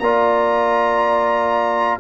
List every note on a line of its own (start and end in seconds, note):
0.00 1.99 A#3
0.00 2.01 F4
0.00 2.01 D5
0.00 1.99 A#5